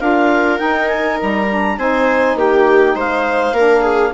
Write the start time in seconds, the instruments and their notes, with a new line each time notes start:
0.00 bassoon D4, saxophone F4, viola A#4, clarinet F5
0.57 saxophone D#4, bassoon D#4, clarinet G5
0.88 clarinet G#5
1.22 bassoon G3, clarinet A#5
1.49 saxophone D4
1.78 bassoon C4, saxophone D#4, viola C5, clarinet G#5
2.35 bassoon A#3, viola G4, clarinet G5
2.95 bassoon G#3, viola C5, clarinet F5
3.52 bassoon A#3, saxophone D4, viola A#4
3.82 viola G#4